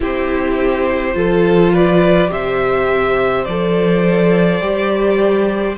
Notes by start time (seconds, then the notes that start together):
0.00 C4 E4 G4 C5
1.14 F3 F4 A4
1.73 B4 D5
2.27 C3 G4 C5 E5
3.44 F3 A4 D5
4.60 G3 G4